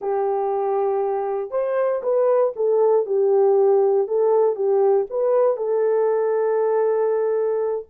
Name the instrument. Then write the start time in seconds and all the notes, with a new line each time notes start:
horn
0.01 G4
1.50 C5
2.02 B4
2.55 A4
3.05 G4
4.07 A4
4.55 G4
5.09 B4
5.57 A4